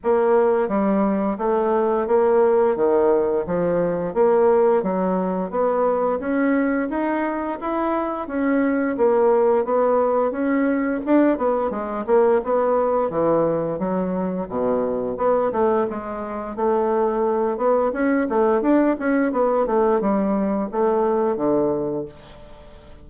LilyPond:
\new Staff \with { instrumentName = "bassoon" } { \time 4/4 \tempo 4 = 87 ais4 g4 a4 ais4 | dis4 f4 ais4 fis4 | b4 cis'4 dis'4 e'4 | cis'4 ais4 b4 cis'4 |
d'8 b8 gis8 ais8 b4 e4 | fis4 b,4 b8 a8 gis4 | a4. b8 cis'8 a8 d'8 cis'8 | b8 a8 g4 a4 d4 | }